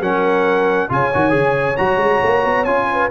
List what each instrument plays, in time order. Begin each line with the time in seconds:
0.00 tuba F#3, trombone C#4, horn A#4, trumpet F#5
0.89 tuba C#3, trombone F4, horn C#5, trumpet G#5
1.14 tuba D#3, trombone F#4
1.30 tuba C#3, trombone G#4
1.77 tuba F#3, trombone F#4, trumpet A#5
1.97 tuba G#3
2.23 tuba A#3
2.45 tuba B3
2.65 tuba C#4, trombone F4, trumpet G#5
2.92 horn B4